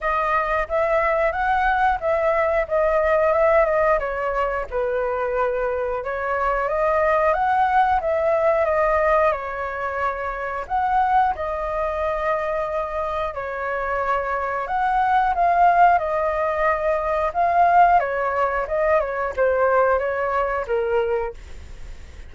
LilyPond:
\new Staff \with { instrumentName = "flute" } { \time 4/4 \tempo 4 = 90 dis''4 e''4 fis''4 e''4 | dis''4 e''8 dis''8 cis''4 b'4~ | b'4 cis''4 dis''4 fis''4 | e''4 dis''4 cis''2 |
fis''4 dis''2. | cis''2 fis''4 f''4 | dis''2 f''4 cis''4 | dis''8 cis''8 c''4 cis''4 ais'4 | }